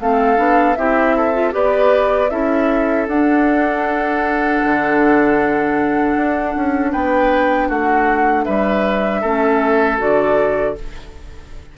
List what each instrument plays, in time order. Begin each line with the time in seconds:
0.00 bassoon A3, clarinet C4, oboe A4, flute F5
0.37 bassoon B3, clarinet D4
0.75 bassoon C4, clarinet E4, oboe G4, flute E5
1.16 oboe A4
1.33 clarinet F4
1.51 bassoon B3, clarinet G4, oboe B4, flute D5
2.30 bassoon C#4, clarinet E4, oboe A4, flute E5
3.07 bassoon D4, clarinet D4, flute F#5
4.64 bassoon D3
6.16 bassoon D4
6.55 bassoon C#4
6.92 bassoon B3, oboe B4, flute G5
7.68 bassoon A3, oboe F#4, flute F#5
8.44 bassoon G3, oboe B4, flute E5
9.21 bassoon A3, clarinet C#4, oboe A4
9.98 bassoon D3, clarinet F#4, flute D5